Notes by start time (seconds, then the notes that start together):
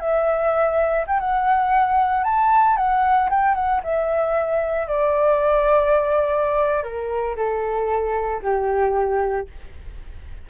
0.00 E5
1.07 G5
1.20 F#5
2.24 A5
2.77 F#5
3.30 G5
3.55 F#5
3.83 E5
4.88 D5
6.83 A#4
7.36 A4
8.43 G4